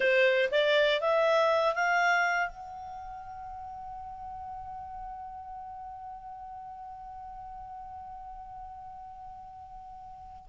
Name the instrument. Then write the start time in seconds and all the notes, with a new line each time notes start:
clarinet
0.00 C5
0.51 D5
1.00 E5
1.74 F5
2.48 F#5